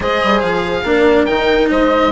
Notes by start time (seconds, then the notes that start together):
0.00 G#3 G#4 C5 D#5
0.23 G3
0.40 F3 F5
0.83 A#3 D4 A#4
1.25 D#3 D#4 G5
1.69 G#3 C5 D#5